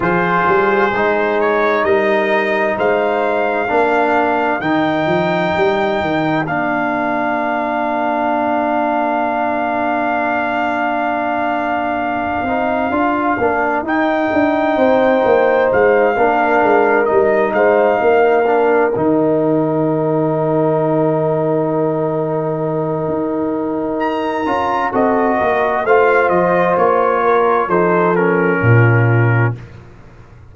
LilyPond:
<<
  \new Staff \with { instrumentName = "trumpet" } { \time 4/4 \tempo 4 = 65 c''4. cis''8 dis''4 f''4~ | f''4 g''2 f''4~ | f''1~ | f''2. g''4~ |
g''4 f''4. dis''8 f''4~ | f''8 g''2.~ g''8~ | g''2 ais''4 dis''4 | f''8 dis''8 cis''4 c''8 ais'4. | }
  \new Staff \with { instrumentName = "horn" } { \time 4/4 gis'2 ais'4 c''4 | ais'1~ | ais'1~ | ais'1 |
c''4. ais'4. c''8 ais'8~ | ais'1~ | ais'2. a'8 ais'8 | c''4. ais'8 a'4 f'4 | }
  \new Staff \with { instrumentName = "trombone" } { \time 4/4 f'4 dis'2. | d'4 dis'2 d'4~ | d'1~ | d'4. dis'8 f'8 d'8 dis'4~ |
dis'4. d'4 dis'4. | d'8 dis'2.~ dis'8~ | dis'2~ dis'8 f'8 fis'4 | f'2 dis'8 cis'4. | }
  \new Staff \with { instrumentName = "tuba" } { \time 4/4 f8 g8 gis4 g4 gis4 | ais4 dis8 f8 g8 dis8 ais4~ | ais1~ | ais4. c'8 d'8 ais8 dis'8 d'8 |
c'8 ais8 gis8 ais8 gis8 g8 gis8 ais8~ | ais8 dis2.~ dis8~ | dis4 dis'4. cis'8 c'8 ais8 | a8 f8 ais4 f4 ais,4 | }
>>